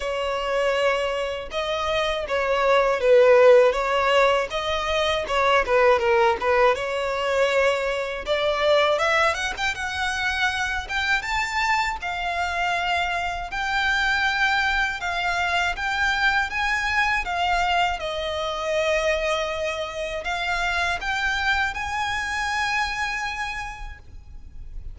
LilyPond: \new Staff \with { instrumentName = "violin" } { \time 4/4 \tempo 4 = 80 cis''2 dis''4 cis''4 | b'4 cis''4 dis''4 cis''8 b'8 | ais'8 b'8 cis''2 d''4 | e''8 fis''16 g''16 fis''4. g''8 a''4 |
f''2 g''2 | f''4 g''4 gis''4 f''4 | dis''2. f''4 | g''4 gis''2. | }